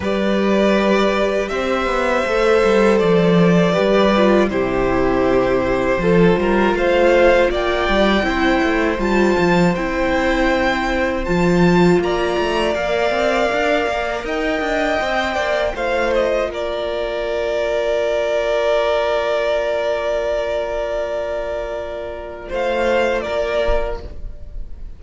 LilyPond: <<
  \new Staff \with { instrumentName = "violin" } { \time 4/4 \tempo 4 = 80 d''2 e''2 | d''2 c''2~ | c''4 f''4 g''2 | a''4 g''2 a''4 |
ais''4 f''2 g''4~ | g''4 f''8 dis''8 d''2~ | d''1~ | d''2 f''4 d''4 | }
  \new Staff \with { instrumentName = "violin" } { \time 4/4 b'2 c''2~ | c''4 b'4 g'2 | a'8 ais'8 c''4 d''4 c''4~ | c''1 |
d''2. dis''4~ | dis''8 d''8 c''4 ais'2~ | ais'1~ | ais'2 c''4 ais'4 | }
  \new Staff \with { instrumentName = "viola" } { \time 4/4 g'2. a'4~ | a'4 g'8 f'8 e'2 | f'2. e'4 | f'4 e'2 f'4~ |
f'4 ais'2. | c''4 f'2.~ | f'1~ | f'1 | }
  \new Staff \with { instrumentName = "cello" } { \time 4/4 g2 c'8 b8 a8 g8 | f4 g4 c2 | f8 g8 a4 ais8 g8 c'8 a8 | g8 f8 c'2 f4 |
ais8 a8 ais8 c'8 d'8 ais8 dis'8 d'8 | c'8 ais8 a4 ais2~ | ais1~ | ais2 a4 ais4 | }
>>